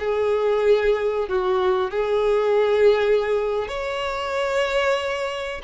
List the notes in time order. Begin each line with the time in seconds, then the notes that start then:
0.00 G#4
1.29 F#4
1.91 G#4
3.68 C#5